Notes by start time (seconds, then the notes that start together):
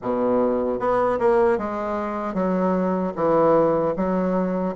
0.02 B2
0.79 B3
1.19 A#3
1.58 G#3
2.34 F#3
3.15 E3
3.96 F#3